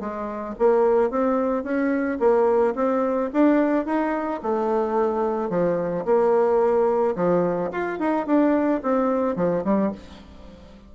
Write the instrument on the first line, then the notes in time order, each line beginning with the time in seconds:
bassoon
0.00 G#3
0.59 A#3
1.11 C4
1.64 C#4
2.20 A#3
2.75 C4
3.33 D4
3.86 D#4
4.43 A3
5.50 F3
6.05 A#3
7.16 F3
7.72 F4
7.99 D#4
8.26 D4
8.83 C4
9.36 F3
9.65 G3